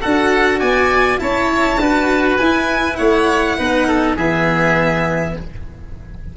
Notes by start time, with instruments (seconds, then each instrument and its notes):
0.00 tuba D4, cello F#4, oboe A4, violin F#5
0.60 tuba B3, oboe D5, violin G#5
1.19 tuba C#4, cello E4, oboe C#5, violin A5
1.77 tuba D4, cello F#4, oboe B4
2.37 tuba E4, cello E4, violin G#5
2.97 tuba A3, oboe C#5, violin F#5
3.59 tuba B3, cello D#4, oboe B4
3.88 oboe A4
4.16 tuba E3, cello B3, oboe G#4, violin E5